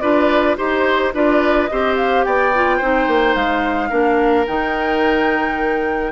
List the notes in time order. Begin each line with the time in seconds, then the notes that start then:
0.00 D4 F4 B4 D5
0.57 D#4 G4 C5
1.14 D4 F4 B4 D5
1.67 C4 G4 C5 D#5
1.96 F5
2.24 B3 D5 G5
2.54 F4
2.77 C4 D#4 C5
3.07 A#3
3.34 G#3 F5
3.89 A#3 D4 A#4
4.47 D#3 D#4 G5